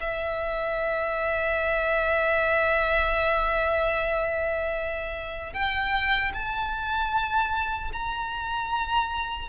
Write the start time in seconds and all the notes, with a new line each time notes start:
0.00 E5
5.53 G5
6.33 A5
7.93 A#5